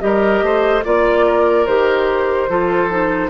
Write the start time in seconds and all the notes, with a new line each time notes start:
0.00 G3 G4 A#4 D#5
0.42 A3 C5
0.84 A#3 F4 D5
1.27 A#4
1.67 D#3 G4 C5
2.49 F3 F4 A4
2.90 D#4